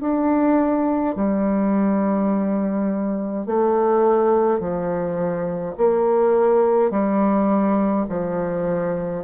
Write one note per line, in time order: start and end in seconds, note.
0.00 1.15 D4
1.15 3.46 G3
3.46 4.59 A3
4.59 5.75 F3
5.77 6.90 A#3
6.90 8.06 G3
8.09 9.24 F3